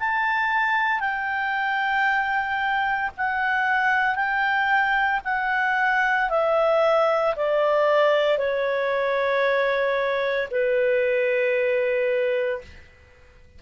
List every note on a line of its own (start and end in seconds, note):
0.00 1.00 A5
1.00 3.11 G5
3.18 4.16 F#5
4.16 5.21 G5
5.25 6.30 F#5
6.30 7.35 E5
7.36 8.38 D5
8.38 10.49 C#5
10.51 12.62 B4